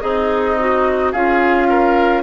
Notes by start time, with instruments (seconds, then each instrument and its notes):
0.00 bassoon C4, oboe D#4, clarinet G#4, flute D#5
0.59 clarinet F#4
1.12 bassoon C#4, clarinet F4, oboe G#4, flute F5
1.69 oboe A#4